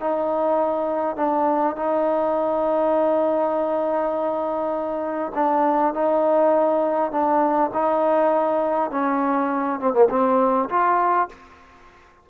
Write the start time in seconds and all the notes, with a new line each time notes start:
0.00 D#4
1.16 D4
1.76 D#4
5.35 D4
5.94 D#4
7.11 D4
7.74 D#4
8.91 C#4
9.80 C4
9.93 A#3
10.10 C4
10.69 F4